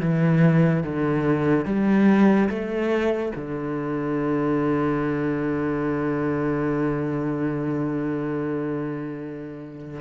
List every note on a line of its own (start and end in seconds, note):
0.00 0.83 E3
0.83 1.65 D3
1.65 2.48 G3
2.49 3.33 A3
3.36 10.01 D3